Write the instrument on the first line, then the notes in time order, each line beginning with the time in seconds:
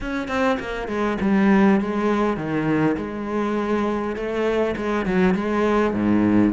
cello
0.00 C#4
0.28 C4
0.59 A#3
0.87 G#3
1.20 G3
1.80 G#3
2.37 D#3
2.97 G#3
4.16 A3
4.76 G#3
5.05 F#3
5.34 G#3
5.93 G#2